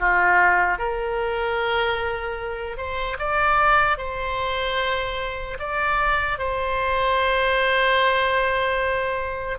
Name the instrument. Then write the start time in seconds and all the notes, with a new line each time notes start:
oboe
0.00 F4
0.79 A#4
2.77 C5
3.19 D5
3.98 C5
5.60 D5
6.39 C5